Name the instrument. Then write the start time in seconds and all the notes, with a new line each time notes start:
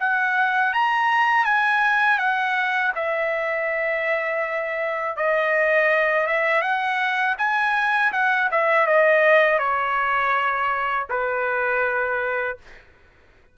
trumpet
0.00 F#5
0.74 A#5
1.45 G#5
2.19 F#5
2.96 E5
5.17 D#5
6.27 E5
6.62 F#5
7.39 G#5
8.13 F#5
8.52 E5
8.87 D#5
9.59 C#5
11.10 B4